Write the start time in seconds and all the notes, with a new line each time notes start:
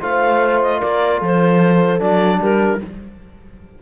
0.00 A3 F4 C5 F5
0.62 D#5
0.79 A#3 A#4 D5
1.18 F3 A4
1.25 C5
1.99 F#3 D4 D5
2.40 G3 G4 A#4